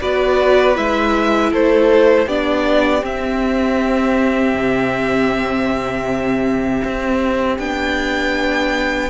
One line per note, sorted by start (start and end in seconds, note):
0.00 0.77 B3
0.00 0.75 F#4
0.00 1.51 B4
0.00 0.77 D5
0.75 1.52 G#3
0.75 2.27 E4
0.75 1.53 E5
1.51 2.26 A3
1.51 2.25 A4
1.51 2.28 C5
2.25 3.02 B3
2.25 3.01 D4
2.25 9.09 G4
2.25 3.04 D5
3.01 7.57 C4
3.01 4.54 C4
3.01 7.58 E5
4.54 6.82 C3
6.84 7.59 C4
7.58 9.09 B3
7.58 9.09 D4
7.58 9.09 G5